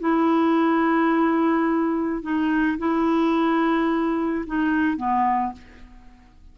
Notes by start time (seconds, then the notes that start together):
0.00 E4
2.22 D#4
2.79 E4
4.47 D#4
4.97 B3